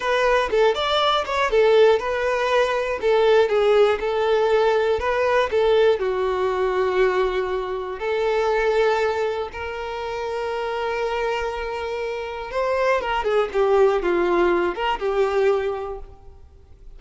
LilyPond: \new Staff \with { instrumentName = "violin" } { \time 4/4 \tempo 4 = 120 b'4 a'8 d''4 cis''8 a'4 | b'2 a'4 gis'4 | a'2 b'4 a'4 | fis'1 |
a'2. ais'4~ | ais'1~ | ais'4 c''4 ais'8 gis'8 g'4 | f'4. ais'8 g'2 | }